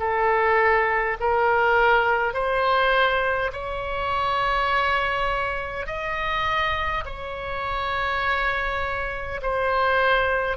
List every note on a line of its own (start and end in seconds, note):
0.00 1.18 A4
1.20 2.34 A#4
2.34 3.52 C5
3.53 5.87 C#5
5.87 7.04 D#5
7.06 9.41 C#5
9.42 10.57 C5